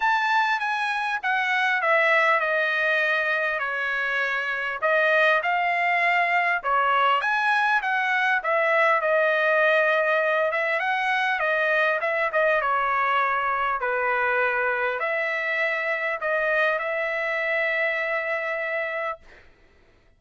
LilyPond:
\new Staff \with { instrumentName = "trumpet" } { \time 4/4 \tempo 4 = 100 a''4 gis''4 fis''4 e''4 | dis''2 cis''2 | dis''4 f''2 cis''4 | gis''4 fis''4 e''4 dis''4~ |
dis''4. e''8 fis''4 dis''4 | e''8 dis''8 cis''2 b'4~ | b'4 e''2 dis''4 | e''1 | }